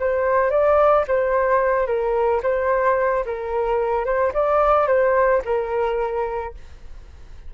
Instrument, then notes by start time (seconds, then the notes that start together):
flute
0.00 C5
0.51 D5
1.08 C5
1.87 A#4
2.43 C5
3.26 A#4
4.06 C5
4.34 D5
4.88 C5
5.45 A#4